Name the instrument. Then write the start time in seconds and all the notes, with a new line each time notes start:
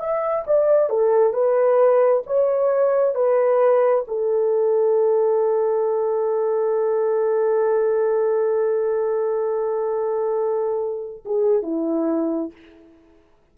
horn
0.00 E5
0.47 D5
0.90 A4
1.34 B4
2.26 C#5
3.15 B4
4.08 A4
11.26 G#4
11.63 E4